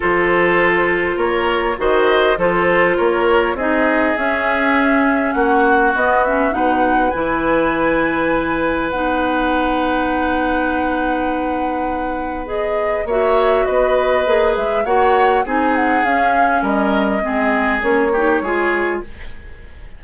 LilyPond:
<<
  \new Staff \with { instrumentName = "flute" } { \time 4/4 \tempo 4 = 101 c''2 cis''4 dis''4 | c''4 cis''4 dis''4 e''4~ | e''4 fis''4 dis''8 e''8 fis''4 | gis''2. fis''4~ |
fis''1~ | fis''4 dis''4 e''4 dis''4~ | dis''8 e''8 fis''4 gis''8 fis''8 f''4 | dis''2 cis''2 | }
  \new Staff \with { instrumentName = "oboe" } { \time 4/4 a'2 ais'4 c''4 | a'4 ais'4 gis'2~ | gis'4 fis'2 b'4~ | b'1~ |
b'1~ | b'2 cis''4 b'4~ | b'4 cis''4 gis'2 | ais'4 gis'4. g'8 gis'4 | }
  \new Staff \with { instrumentName = "clarinet" } { \time 4/4 f'2. fis'4 | f'2 dis'4 cis'4~ | cis'2 b8 cis'8 dis'4 | e'2. dis'4~ |
dis'1~ | dis'4 gis'4 fis'2 | gis'4 fis'4 dis'4 cis'4~ | cis'4 c'4 cis'8 dis'8 f'4 | }
  \new Staff \with { instrumentName = "bassoon" } { \time 4/4 f2 ais4 dis4 | f4 ais4 c'4 cis'4~ | cis'4 ais4 b4 b,4 | e2. b4~ |
b1~ | b2 ais4 b4 | ais8 gis8 ais4 c'4 cis'4 | g4 gis4 ais4 gis4 | }
>>